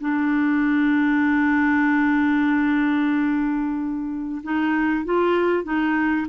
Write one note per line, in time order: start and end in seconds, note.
0.00 4.42 D4
4.43 5.05 D#4
5.05 5.64 F4
5.64 6.27 D#4